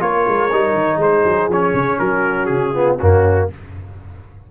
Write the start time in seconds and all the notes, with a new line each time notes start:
0.00 A#3 F4 A#4 C#5
0.28 G#3
0.52 G3 D#4
0.74 D#3
0.98 G#3 G#4 C5
1.24 F#3
1.48 F3 C#4 C#5
1.74 C#3
1.99 F#3 F#4 A#4
2.46 C#3 G#4
2.74 B3 F4
2.98 F#2 A#3 C#4 F#4